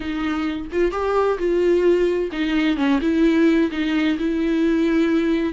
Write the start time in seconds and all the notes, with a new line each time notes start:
0.00 D#4
0.72 F4
0.91 G4
1.38 F4
2.32 D#4
2.76 C#4
3.01 E4
3.71 D#4
4.18 E4